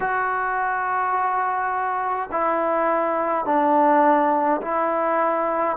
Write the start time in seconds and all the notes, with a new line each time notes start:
0.00 F#4
2.31 E4
3.45 D4
4.61 E4